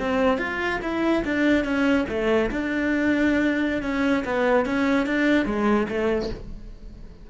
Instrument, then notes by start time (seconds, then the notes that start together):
cello
0.00 C4
0.38 F4
0.82 E4
1.25 D4
1.65 C#4
2.09 A3
2.51 D4
3.83 C#4
4.25 B3
4.66 C#4
5.07 D4
5.46 G#3
5.89 A3